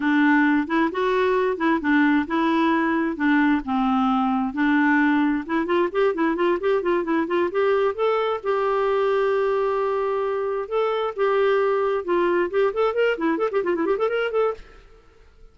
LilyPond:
\new Staff \with { instrumentName = "clarinet" } { \time 4/4 \tempo 4 = 132 d'4. e'8 fis'4. e'8 | d'4 e'2 d'4 | c'2 d'2 | e'8 f'8 g'8 e'8 f'8 g'8 f'8 e'8 |
f'8 g'4 a'4 g'4.~ | g'2.~ g'8 a'8~ | a'8 g'2 f'4 g'8 | a'8 ais'8 e'8 a'16 g'16 f'16 e'16 g'16 a'16 ais'8 a'8 | }